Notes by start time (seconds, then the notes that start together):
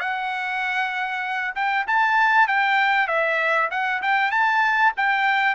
0.00 F#5
1.55 G5
1.87 A5
2.48 G5
3.08 E5
3.71 F#5
4.02 G5
4.31 A5
4.97 G5